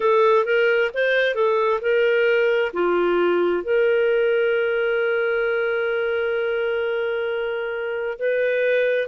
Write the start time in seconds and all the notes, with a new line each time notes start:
0.00 A4
0.45 A#4
0.93 C5
1.34 A4
1.81 A#4
2.73 F4
3.63 A#4
8.19 B4